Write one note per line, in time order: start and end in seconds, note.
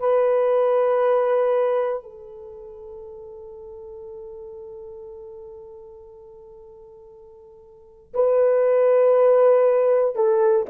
0.00 2.03 B4
2.03 8.14 A4
8.14 10.16 B4
10.16 10.66 A4